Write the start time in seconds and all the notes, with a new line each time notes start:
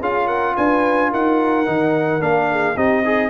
0.00 C#4 F4 G#4 F5
0.26 A#4 F#5
0.56 D4 B4 G#5
1.09 D#4 A#4 F#5
1.66 D#3 D#4
2.20 A#3 D4 F5
2.50 G#4
2.75 C4 D#4 G4 D#5
3.02 D#4 G#4